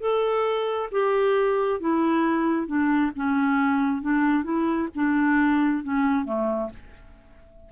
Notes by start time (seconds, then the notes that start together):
0.00 A4
0.91 G4
1.80 E4
2.67 D4
3.16 C#4
4.01 D4
4.43 E4
4.95 D4
5.83 C#4
6.25 A3